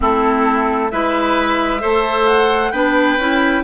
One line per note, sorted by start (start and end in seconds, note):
0.00 0.92 A3
0.00 0.91 C4
0.00 0.92 E4
0.00 0.90 A4
0.90 1.83 G#3
0.90 1.79 E4
0.90 1.81 B4
0.90 2.27 E5
1.79 2.71 A3
1.79 2.70 A4
1.79 2.72 C5
2.27 2.72 F#5
2.71 3.17 B3
2.71 3.18 D4
2.71 3.63 B4
2.71 3.62 G5
3.17 3.62 C#4
3.17 3.63 E4